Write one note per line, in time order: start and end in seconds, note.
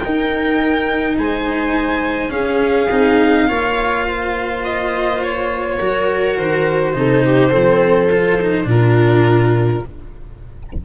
0.00 2.29 D#4
0.00 1.18 D#4
0.00 1.17 A#4
0.00 1.15 G5
1.18 2.33 G#3
1.18 2.31 C5
1.18 2.31 G#5
2.29 2.87 C#4
2.29 2.91 C#4
2.29 3.46 G#4
2.29 4.62 F5
2.91 3.49 C4
2.91 3.49 D#4
3.48 5.79 A#3
3.48 5.79 F4
3.48 4.06 C#5
4.06 5.78 C5
4.64 5.22 D#5
5.23 6.37 C#5
5.78 6.37 F#3
5.78 6.93 F#4
5.78 6.93 A#4
6.37 6.95 D#3
6.37 8.68 C5
6.93 7.53 C3
6.93 7.51 D#4
6.93 7.25 A4
7.25 7.50 G4
7.50 8.65 F3
7.50 8.10 C4
7.50 8.66 A4
8.11 8.40 F4
8.41 8.64 D#4
8.64 9.81 A#2
8.64 9.80 D4
8.64 9.85 F4
8.64 9.85 A#4